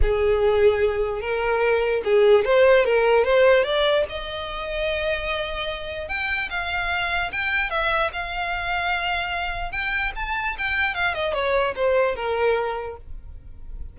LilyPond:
\new Staff \with { instrumentName = "violin" } { \time 4/4 \tempo 4 = 148 gis'2. ais'4~ | ais'4 gis'4 c''4 ais'4 | c''4 d''4 dis''2~ | dis''2. g''4 |
f''2 g''4 e''4 | f''1 | g''4 a''4 g''4 f''8 dis''8 | cis''4 c''4 ais'2 | }